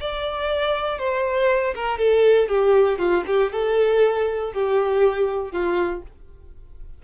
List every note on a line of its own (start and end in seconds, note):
0.00 0.99 D5
0.99 1.74 C5
1.75 1.98 A#4
1.98 2.48 A4
2.48 2.98 G4
2.98 3.24 F4
3.27 3.52 G4
3.52 4.53 A4
4.53 5.52 G4
5.52 6.02 F4